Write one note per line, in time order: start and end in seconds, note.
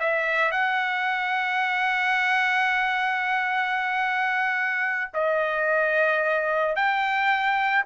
0.00 0.52 E5
0.52 5.11 F#5
5.14 6.76 D#5
6.76 7.84 G5